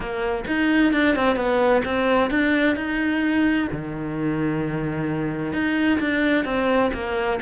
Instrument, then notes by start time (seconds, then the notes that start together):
cello
0.00 A#3
0.47 D#4
0.92 D4
1.15 C4
1.36 B3
1.85 C4
2.30 D4
2.75 D#4
3.72 D#3
5.53 D#4
6.00 D4
6.44 C4
6.93 A#3